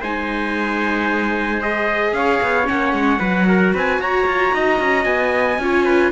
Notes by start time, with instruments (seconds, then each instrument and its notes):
0.00 cello G#3, viola D#4, trumpet C5 G#5
1.61 viola G#4, trumpet D#5
2.13 cello C#4, trumpet C#5 F5
2.42 cello B3
2.64 cello A#3, viola C#4, trumpet F#5
2.92 cello G#3
3.19 cello F#3, viola F#4, trumpet B4
3.48 trumpet A#4
3.73 cello C4, trumpet B4 G#5
3.99 cello F#4, trumpet C#5 A#5
4.26 cello F4
4.53 cello D#4, trumpet D#5
4.79 cello C#4
5.04 cello B3, trumpet G#5
5.58 cello C#4, viola F4, trumpet C#5
5.85 trumpet B4